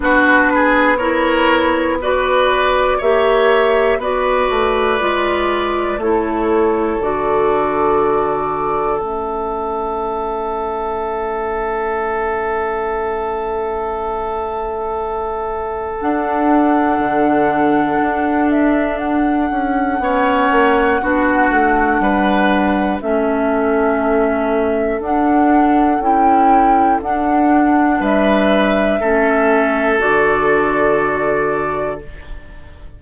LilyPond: <<
  \new Staff \with { instrumentName = "flute" } { \time 4/4 \tempo 4 = 60 b'4 cis''4 d''4 e''4 | d''2 cis''4 d''4~ | d''4 e''2.~ | e''1 |
fis''2~ fis''8 e''8 fis''4~ | fis''2. e''4~ | e''4 fis''4 g''4 fis''4 | e''2 d''2 | }
  \new Staff \with { instrumentName = "oboe" } { \time 4/4 fis'8 gis'8 ais'4 b'4 cis''4 | b'2 a'2~ | a'1~ | a'1~ |
a'1 | cis''4 fis'4 b'4 a'4~ | a'1 | b'4 a'2. | }
  \new Staff \with { instrumentName = "clarinet" } { \time 4/4 d'4 e'4 fis'4 g'4 | fis'4 f'4 e'4 fis'4~ | fis'4 cis'2.~ | cis'1 |
d'1 | cis'4 d'2 cis'4~ | cis'4 d'4 e'4 d'4~ | d'4 cis'4 fis'2 | }
  \new Staff \with { instrumentName = "bassoon" } { \time 4/4 b2. ais4 | b8 a8 gis4 a4 d4~ | d4 a2.~ | a1 |
d'4 d4 d'4. cis'8 | b8 ais8 b8 a8 g4 a4~ | a4 d'4 cis'4 d'4 | g4 a4 d2 | }
>>